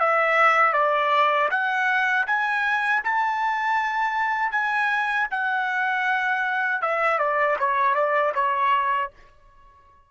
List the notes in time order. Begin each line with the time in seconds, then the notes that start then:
0.00 E5
0.73 D5
1.50 F#5
2.26 G#5
3.03 A5
4.52 G#5
5.31 F#5
6.82 E5
7.18 D5
7.59 C#5
7.95 D5
8.35 C#5